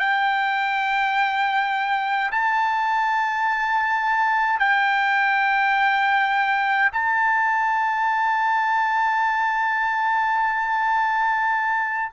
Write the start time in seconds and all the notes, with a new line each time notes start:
0.00 G5
2.32 A5
4.59 G5
6.93 A5